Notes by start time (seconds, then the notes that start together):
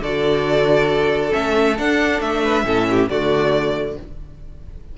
0.00 D3 F#4 A4 D5
1.31 A3 C#4 E5
1.78 D4 F#5
2.21 A3 E5
2.43 B4
2.64 A2 C#4 A4
2.90 G4
3.09 D3 A3 F#4 D5